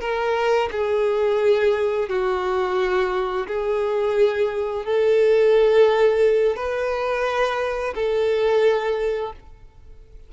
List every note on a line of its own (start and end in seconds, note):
0.00 0.69 A#4
0.71 2.08 G#4
2.08 3.46 F#4
3.47 4.85 G#4
4.85 6.56 A4
6.56 7.94 B4
7.94 9.32 A4